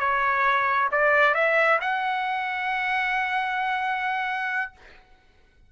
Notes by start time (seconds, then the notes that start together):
0.00 C#5
0.92 D5
1.35 E5
1.81 F#5